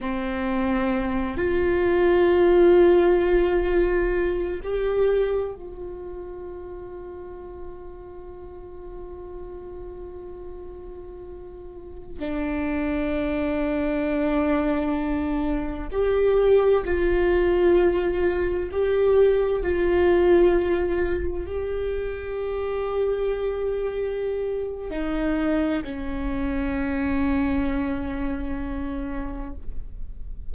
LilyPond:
\new Staff \with { instrumentName = "viola" } { \time 4/4 \tempo 4 = 65 c'4. f'2~ f'8~ | f'4 g'4 f'2~ | f'1~ | f'4~ f'16 d'2~ d'8.~ |
d'4~ d'16 g'4 f'4.~ f'16~ | f'16 g'4 f'2 g'8.~ | g'2. dis'4 | cis'1 | }